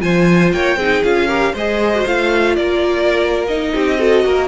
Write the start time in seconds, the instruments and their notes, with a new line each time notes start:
0.00 cello F3, viola F4, violin C5 G#5
0.52 cello A#3, violin C#5 G5
0.76 cello C4, viola D#4, violin G#4
1.03 cello C#4, viola F4, violin F5
1.27 viola G4, violin A#4
1.53 cello G#3, viola G#4, violin C5 D#5
1.96 viola F#4
2.06 cello A3, viola F4, violin F5
2.55 cello A#3, violin A#4 D5
3.47 viola D#4, violin D#5
3.73 cello C4, violin G4
3.98 viola F#4, violin A4
4.24 cello A#3, violin A#4